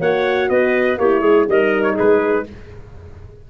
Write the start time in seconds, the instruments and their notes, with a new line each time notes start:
0.00 tuba A#3, horn F#4, clarinet C#5, trumpet F#5
0.49 tuba B3, clarinet B4, trumpet D#5
0.98 tuba A#3, horn E4, clarinet G4, trumpet C#5
1.20 tuba G#3, clarinet G#4
1.48 tuba G3, horn D#4, clarinet A#4, trumpet D#5
1.83 trumpet C#5
1.94 clarinet G#4, trumpet B4
2.01 tuba G#3